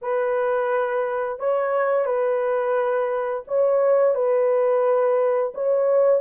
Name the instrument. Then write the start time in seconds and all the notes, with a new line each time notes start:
horn
0.01 B4
1.39 C#5
2.05 B4
3.47 C#5
4.14 B4
5.54 C#5